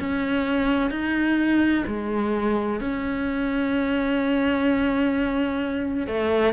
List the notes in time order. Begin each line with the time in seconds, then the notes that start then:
0.00 C#4
0.91 D#4
1.87 G#3
2.81 C#4
6.08 A3